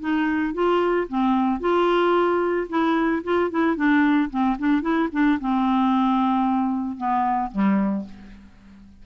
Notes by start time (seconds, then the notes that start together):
0.00 D#4
0.54 F4
1.09 C4
1.60 F4
2.69 E4
3.24 F4
3.50 E4
3.76 D4
4.30 C4
4.59 D4
4.81 E4
5.12 D4
5.40 C4
6.97 B3
7.51 G3